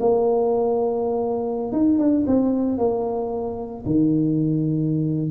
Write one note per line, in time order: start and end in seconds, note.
0.00 1.72 A#3
1.72 1.98 D#4
1.98 2.25 D4
2.27 2.78 C4
2.78 3.84 A#3
3.86 5.31 D#3